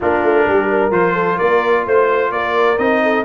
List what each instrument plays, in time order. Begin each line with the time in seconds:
0.00 tuba A#3, trombone D4, horn F4, trumpet A#4
0.22 tuba A3
0.46 tuba G3, horn G4
0.69 horn A#4
0.90 tuba F3, trombone F4, trumpet C5
1.14 horn A4
1.36 tuba A#3, horn A#4, trumpet D5
1.86 tuba A3, horn C5, trumpet C5
2.30 tuba A#3, horn A#4, trumpet D5
2.77 tuba C4, trombone D#4, trumpet D#5
3.02 horn A4